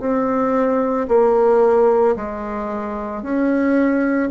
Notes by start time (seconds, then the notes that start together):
0.00 C4
1.09 A#3
2.17 G#3
3.22 C#4